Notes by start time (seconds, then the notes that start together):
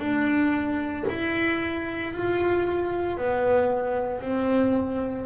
0.00 D4
1.10 E4
2.13 F4
3.18 B3
4.22 C4